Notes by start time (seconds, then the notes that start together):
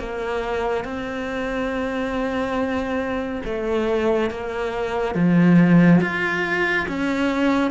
0.00 A#3
0.85 C4
3.45 A3
4.31 A#3
5.15 F3
6.02 F4
6.88 C#4